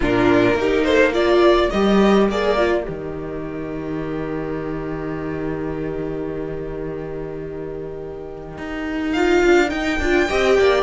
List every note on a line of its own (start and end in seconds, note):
0.00 0.54 A#2
0.00 0.57 D4
0.00 0.57 F4
0.00 0.84 A#4
0.54 1.68 A#3
0.54 1.12 D#4
0.54 0.86 G4
0.84 1.15 A4
0.84 1.12 C5
1.12 1.70 F4
1.12 10.27 A#4
1.12 1.70 D5
1.70 2.29 G3
1.70 2.29 G4
1.70 2.27 D#5
2.29 2.86 A#3
2.29 2.57 G#4
2.29 2.85 D5
2.57 2.84 F4
2.84 8.58 D#3
2.84 9.12 G4
2.84 9.12 D#5
8.58 9.43 D#4
9.12 9.67 F4
9.12 9.69 F5
9.44 9.71 D4
9.67 9.96 D#4
9.67 9.99 D#4
9.67 10.82 G5
9.99 10.27 D4
9.99 10.28 F4
10.27 10.58 C4
10.27 10.82 G4
10.27 10.56 D#5
10.58 10.82 A#3
10.58 10.82 D5